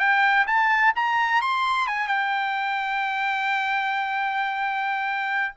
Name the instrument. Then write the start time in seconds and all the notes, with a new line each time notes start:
trumpet
0.00 G5
0.47 A5
0.96 A#5
1.42 C6
1.88 G#5
2.08 G5